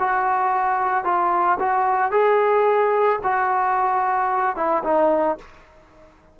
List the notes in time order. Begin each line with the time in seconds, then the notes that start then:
0.00 F#4
1.05 F4
1.60 F#4
2.12 G#4
3.24 F#4
4.57 E4
4.84 D#4